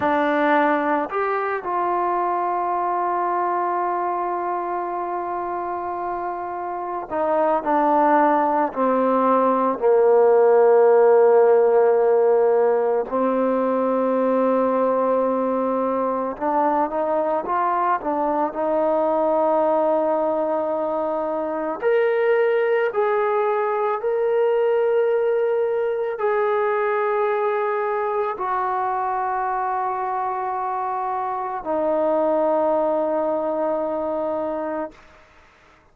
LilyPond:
\new Staff \with { instrumentName = "trombone" } { \time 4/4 \tempo 4 = 55 d'4 g'8 f'2~ f'8~ | f'2~ f'8 dis'8 d'4 | c'4 ais2. | c'2. d'8 dis'8 |
f'8 d'8 dis'2. | ais'4 gis'4 ais'2 | gis'2 fis'2~ | fis'4 dis'2. | }